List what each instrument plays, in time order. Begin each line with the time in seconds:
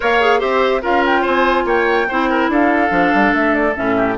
0.00 bassoon A#3, clarinet A#4, oboe C#5, flute F5
0.20 clarinet G#4
0.39 bassoon C4, clarinet G4, oboe C5, flute E5
0.82 bassoon C#4, clarinet F4, oboe A#4, flute F5
1.05 flute G5
1.21 bassoon C4, oboe C5, flute G#5
1.65 bassoon A#3, oboe C#5, flute G5
2.08 bassoon C4, clarinet E4, oboe C5
2.29 oboe A#4
2.48 bassoon D4, oboe A4, flute F5
2.89 bassoon F3, clarinet D4
3.14 bassoon G3
3.32 bassoon A3, flute E5
3.54 flute D5
3.75 bassoon A2, clarinet C#4, flute E5
3.96 oboe G4